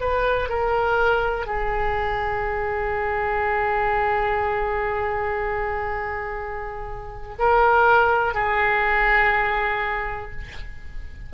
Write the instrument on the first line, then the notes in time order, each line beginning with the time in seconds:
oboe
0.00 B4
0.49 A#4
1.46 G#4
7.39 A#4
8.34 G#4